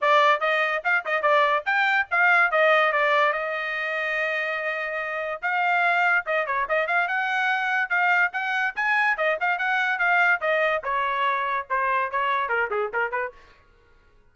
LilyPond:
\new Staff \with { instrumentName = "trumpet" } { \time 4/4 \tempo 4 = 144 d''4 dis''4 f''8 dis''8 d''4 | g''4 f''4 dis''4 d''4 | dis''1~ | dis''4 f''2 dis''8 cis''8 |
dis''8 f''8 fis''2 f''4 | fis''4 gis''4 dis''8 f''8 fis''4 | f''4 dis''4 cis''2 | c''4 cis''4 ais'8 gis'8 ais'8 b'8 | }